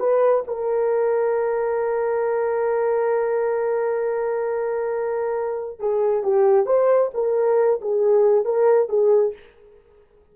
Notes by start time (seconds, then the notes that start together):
0.00 B4
0.48 A#4
5.80 G#4
6.23 G4
6.66 C5
7.14 A#4
7.81 G#4
8.45 A#4
8.89 G#4